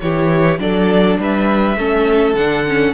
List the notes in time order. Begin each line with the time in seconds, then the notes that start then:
0.00 E3 E4 G4 C#5
0.58 F#3 D4 A4 D5
1.19 G3 B4 E5
1.76 A3 C#4 A4
2.34 D3 D4 F#5
2.67 C#4